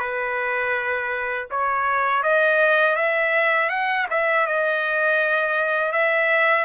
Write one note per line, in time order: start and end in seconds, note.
0.00 1.48 B4
1.51 2.23 C#5
2.23 2.96 D#5
2.96 3.70 E5
3.70 4.07 F#5
4.10 4.47 E5
4.47 5.93 D#5
5.93 6.65 E5